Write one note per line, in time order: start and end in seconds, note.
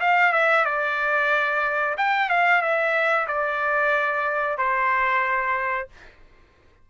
0.00 0.33 F5
0.33 0.65 E5
0.65 1.95 D5
1.97 2.29 G5
2.29 2.62 F5
2.62 3.27 E5
3.28 4.58 D5
4.58 5.88 C5